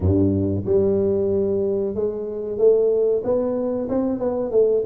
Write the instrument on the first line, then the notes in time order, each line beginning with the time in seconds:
tuba
0.00 G2
0.65 G3
1.94 G#3
2.57 A3
3.23 B3
3.89 C4
4.19 B3
4.51 A3